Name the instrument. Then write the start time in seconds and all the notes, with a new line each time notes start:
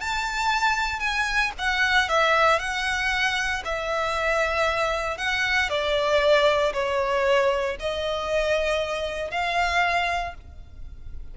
violin
0.00 A5
0.99 G#5
1.58 F#5
2.08 E5
2.59 F#5
3.65 E5
5.17 F#5
5.69 D5
6.73 C#5
7.79 D#5
9.31 F5